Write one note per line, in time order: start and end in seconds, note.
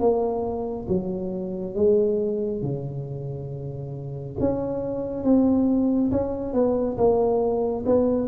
0.00 0.87 A#3
0.89 1.75 F#3
1.75 2.62 G#3
2.62 4.36 C#3
4.40 5.24 C#4
5.24 6.11 C4
6.12 6.54 C#4
6.54 6.97 B3
6.98 7.85 A#3
7.86 8.28 B3